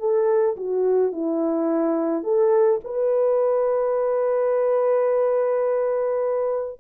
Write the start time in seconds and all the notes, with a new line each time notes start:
0.00 A4
0.57 F#4
1.12 E4
2.24 A4
2.85 B4